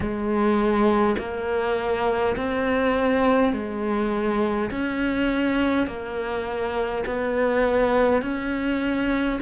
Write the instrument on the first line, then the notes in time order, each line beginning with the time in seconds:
cello
0.00 G#3
1.18 A#3
2.36 C4
3.52 G#3
4.71 C#4
5.87 A#3
7.06 B3
8.21 C#4